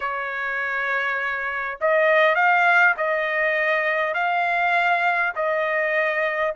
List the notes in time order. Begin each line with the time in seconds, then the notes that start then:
0.00 C#5
1.81 D#5
2.35 F5
2.97 D#5
4.13 F5
5.35 D#5